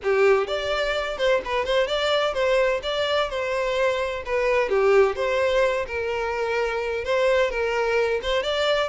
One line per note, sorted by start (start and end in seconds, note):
0.03 0.47 G4
0.47 1.17 D5
1.17 1.41 C5
1.44 1.65 B4
1.65 1.87 C5
1.87 2.33 D5
2.33 2.80 C5
2.82 3.29 D5
3.29 4.23 C5
4.25 4.69 B4
4.69 5.15 G4
5.15 5.86 C5
5.87 7.04 A#4
7.04 7.50 C5
7.50 8.20 A#4
8.22 8.42 C5
8.42 8.89 D5